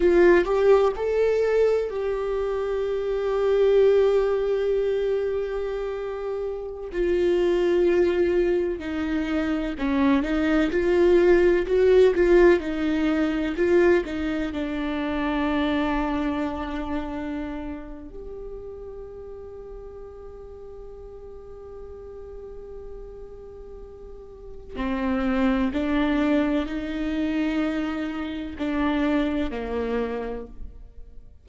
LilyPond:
\new Staff \with { instrumentName = "viola" } { \time 4/4 \tempo 4 = 63 f'8 g'8 a'4 g'2~ | g'2.~ g'16 f'8.~ | f'4~ f'16 dis'4 cis'8 dis'8 f'8.~ | f'16 fis'8 f'8 dis'4 f'8 dis'8 d'8.~ |
d'2. g'4~ | g'1~ | g'2 c'4 d'4 | dis'2 d'4 ais4 | }